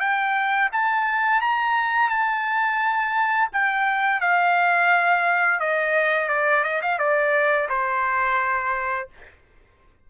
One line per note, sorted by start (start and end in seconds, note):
0.00 0.70 G5
0.73 1.41 A5
1.41 2.10 A#5
2.10 3.49 A5
3.53 4.21 G5
4.21 5.60 F5
5.60 6.29 D#5
6.29 6.64 D5
6.64 6.81 D#5
6.82 6.99 F5
6.99 7.69 D5
7.69 9.09 C5